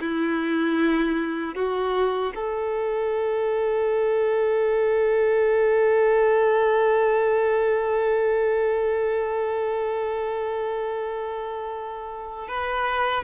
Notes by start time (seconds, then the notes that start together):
0.00 E4
1.54 F#4
2.35 A4
12.48 B4